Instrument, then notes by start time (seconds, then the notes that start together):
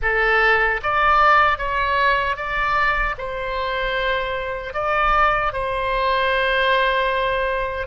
oboe
0.01 A4
0.82 D5
1.58 C#5
2.36 D5
3.18 C5
4.73 D5
5.52 C5